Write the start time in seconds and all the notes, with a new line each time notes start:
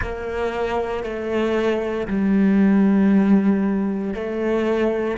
0.01 A#3
1.03 A3
2.07 G3
4.14 A3